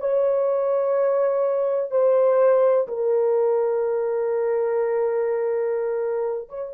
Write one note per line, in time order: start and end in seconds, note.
0.00 1.91 C#5
1.91 2.88 C5
2.88 6.49 A#4
6.49 6.73 C#5